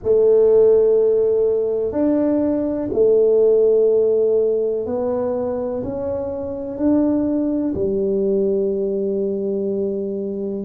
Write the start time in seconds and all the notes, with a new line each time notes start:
0.03 A3
1.92 D4
2.92 A3
4.86 B3
5.83 C#4
6.77 D4
7.74 G3